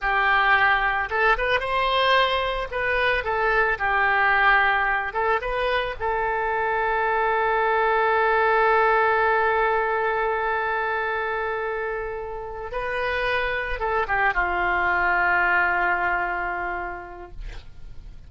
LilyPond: \new Staff \with { instrumentName = "oboe" } { \time 4/4 \tempo 4 = 111 g'2 a'8 b'8 c''4~ | c''4 b'4 a'4 g'4~ | g'4. a'8 b'4 a'4~ | a'1~ |
a'1~ | a'2.~ a'8 b'8~ | b'4. a'8 g'8 f'4.~ | f'1 | }